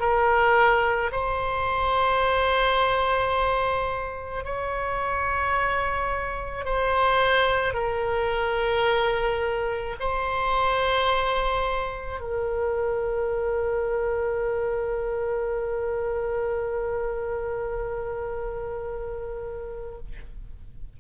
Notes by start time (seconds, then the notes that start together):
0.00 A#4
1.12 C5
4.44 C#5
6.65 C5
7.74 A#4
10.00 C5
12.20 A#4